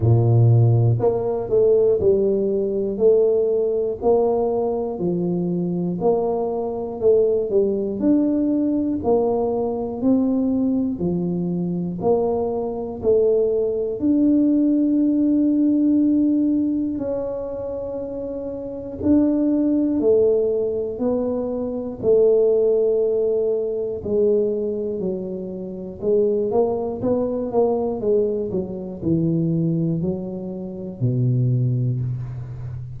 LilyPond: \new Staff \with { instrumentName = "tuba" } { \time 4/4 \tempo 4 = 60 ais,4 ais8 a8 g4 a4 | ais4 f4 ais4 a8 g8 | d'4 ais4 c'4 f4 | ais4 a4 d'2~ |
d'4 cis'2 d'4 | a4 b4 a2 | gis4 fis4 gis8 ais8 b8 ais8 | gis8 fis8 e4 fis4 b,4 | }